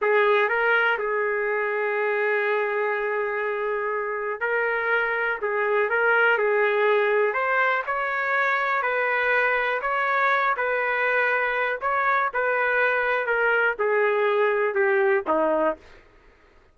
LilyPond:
\new Staff \with { instrumentName = "trumpet" } { \time 4/4 \tempo 4 = 122 gis'4 ais'4 gis'2~ | gis'1~ | gis'4 ais'2 gis'4 | ais'4 gis'2 c''4 |
cis''2 b'2 | cis''4. b'2~ b'8 | cis''4 b'2 ais'4 | gis'2 g'4 dis'4 | }